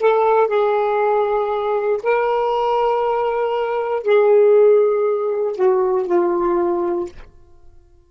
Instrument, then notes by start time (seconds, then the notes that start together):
saxophone
0.00 A4
0.48 G#4
2.04 A#4
4.04 G#4
5.56 F#4
6.06 F4